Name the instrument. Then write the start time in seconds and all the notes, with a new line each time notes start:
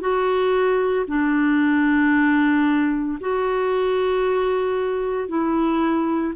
clarinet
0.00 F#4
1.08 D4
3.20 F#4
5.28 E4